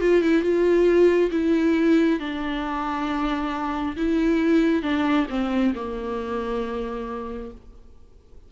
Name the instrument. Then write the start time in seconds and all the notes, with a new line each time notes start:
viola
0.00 F4
0.21 E4
0.41 F4
1.31 E4
2.19 D4
3.96 E4
4.82 D4
5.29 C4
5.74 A#3